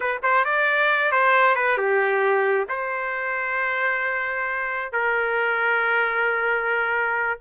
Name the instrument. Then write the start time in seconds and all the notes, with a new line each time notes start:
trumpet
0.00 B4
0.22 C5
0.45 D5
1.11 C5
1.55 B4
1.77 G4
2.69 C5
4.92 A#4